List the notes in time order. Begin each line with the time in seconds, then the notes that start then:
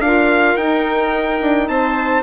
0.00 D4 F4 A#4 F5
0.57 D#4 G5
1.42 D4
1.69 C4 C5 A5